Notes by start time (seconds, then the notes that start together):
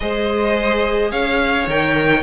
0.00 G#3 G#4 C5 D#5
1.11 C#4 C#5 F5
1.67 D#3 A#4 G5